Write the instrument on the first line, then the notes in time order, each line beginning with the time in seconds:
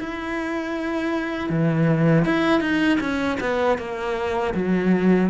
cello
0.00 E4
1.49 E3
2.25 E4
2.61 D#4
3.01 C#4
3.40 B3
3.78 A#3
4.55 F#3